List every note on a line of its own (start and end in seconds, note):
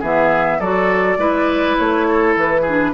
0.00 0.60 E3
0.00 0.61 B3
0.00 0.58 G#4
0.00 0.60 E5
0.59 1.18 F#3
0.59 1.18 F#4
0.59 1.18 A4
0.59 1.77 D5
1.18 1.76 G#3
1.18 2.64 E4
1.18 2.07 B4
1.78 2.36 A3
1.78 2.36 C#5
2.09 2.62 A4
2.36 2.94 E3
2.36 2.94 B4
2.62 2.91 G#4
2.69 2.94 D4